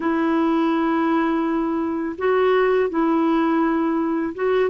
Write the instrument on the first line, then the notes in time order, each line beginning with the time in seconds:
clarinet
0.00 E4
2.18 F#4
2.89 E4
4.34 F#4